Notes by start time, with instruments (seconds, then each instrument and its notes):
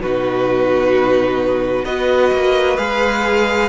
0.00 cello B2, viola D#4, violin F#4 B4
1.85 cello B3, viola F#4, violin B4 D#5
2.33 cello A#3
2.77 cello G#3, viola G#4, violin F5